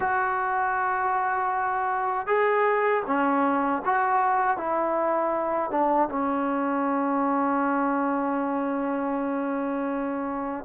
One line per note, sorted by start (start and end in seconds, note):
0.00 2.26 F#4
2.26 3.02 G#4
3.06 3.82 C#4
3.85 4.57 F#4
4.57 5.70 E4
5.70 6.08 D4
6.09 10.64 C#4